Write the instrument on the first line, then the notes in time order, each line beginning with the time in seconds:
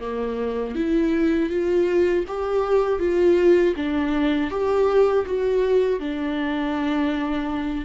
viola
0.00 A#3
0.75 E4
1.49 F4
2.27 G4
2.99 F4
3.76 D4
4.50 G4
5.26 F#4
5.99 D4